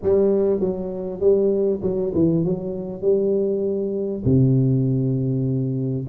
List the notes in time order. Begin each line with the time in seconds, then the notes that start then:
0.02 G3
0.60 F#3
1.20 G3
1.82 F#3
2.14 E3
2.45 F#3
3.01 G3
4.24 C3